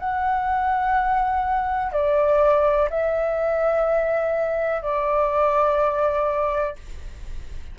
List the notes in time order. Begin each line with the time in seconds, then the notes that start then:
0.00 F#5
1.93 D5
2.90 E5
4.83 D5